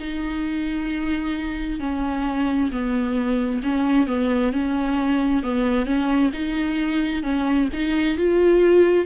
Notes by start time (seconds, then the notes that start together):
0.00 D#4
1.80 C#4
2.71 B3
3.63 C#4
4.07 B3
4.53 C#4
5.43 B3
5.86 C#4
6.33 D#4
7.23 C#4
7.73 D#4
8.17 F4